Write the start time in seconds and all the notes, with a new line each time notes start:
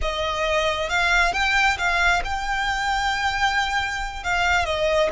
0.01 D#5
0.89 F5
1.33 G5
1.78 F5
2.24 G5
4.23 F5
4.65 D#5